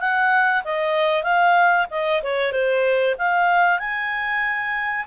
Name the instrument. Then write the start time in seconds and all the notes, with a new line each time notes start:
clarinet
0.00 F#5
0.65 D#5
1.23 F5
1.90 D#5
2.22 C#5
2.52 C5
3.18 F5
3.79 G#5